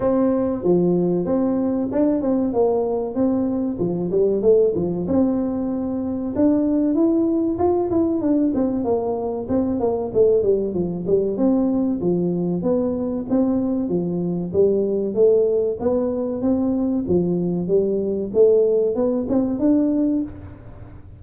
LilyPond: \new Staff \with { instrumentName = "tuba" } { \time 4/4 \tempo 4 = 95 c'4 f4 c'4 d'8 c'8 | ais4 c'4 f8 g8 a8 f8 | c'2 d'4 e'4 | f'8 e'8 d'8 c'8 ais4 c'8 ais8 |
a8 g8 f8 g8 c'4 f4 | b4 c'4 f4 g4 | a4 b4 c'4 f4 | g4 a4 b8 c'8 d'4 | }